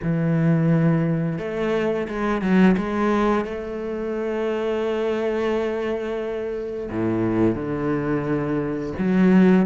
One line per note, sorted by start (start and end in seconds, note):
0.02 1.38 E3
1.38 2.07 A3
2.08 2.41 G#3
2.41 2.76 F#3
2.77 3.45 G#3
3.45 6.89 A3
6.90 7.55 A2
7.55 8.93 D3
8.98 9.65 F#3